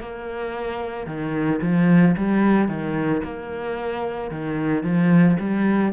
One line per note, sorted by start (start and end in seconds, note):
0.00 1.07 A#3
1.07 1.60 D#3
1.62 2.15 F3
2.17 2.68 G3
2.68 3.22 D#3
3.24 4.31 A#3
4.31 4.84 D#3
4.84 5.37 F3
5.40 5.93 G3